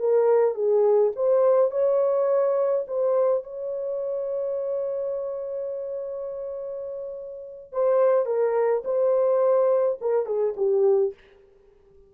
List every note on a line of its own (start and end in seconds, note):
0.00 0.55 A#4
0.55 1.12 G#4
1.16 1.71 C5
1.71 2.86 C#5
2.88 3.44 C5
3.44 7.72 C#5
7.72 8.26 C5
8.26 8.83 A#4
8.85 9.99 C5
10.01 10.26 A#4
10.26 10.55 G#4
10.57 11.14 G4